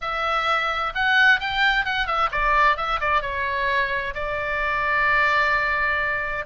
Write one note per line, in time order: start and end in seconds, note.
0.01 0.93 E5
0.94 1.40 F#5
1.40 1.85 G5
1.85 2.06 F#5
2.06 2.29 E5
2.31 2.77 D5
2.77 3.00 E5
3.00 3.21 D5
3.21 4.13 C#5
4.14 6.45 D5